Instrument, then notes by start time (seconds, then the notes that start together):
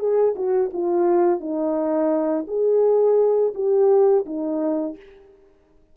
horn
0.00 G#4
0.36 F#4
0.73 F4
1.41 D#4
2.48 G#4
3.55 G4
4.26 D#4